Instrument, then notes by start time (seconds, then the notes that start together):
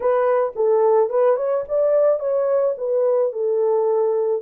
horn
0.00 B4
0.55 A4
1.09 B4
1.36 C#5
1.68 D5
2.19 C#5
2.77 B4
3.32 A4